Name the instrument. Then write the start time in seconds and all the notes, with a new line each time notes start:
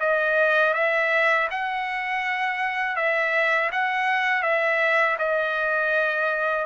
trumpet
0.00 D#5
0.74 E5
1.51 F#5
2.96 E5
3.72 F#5
4.43 E5
5.19 D#5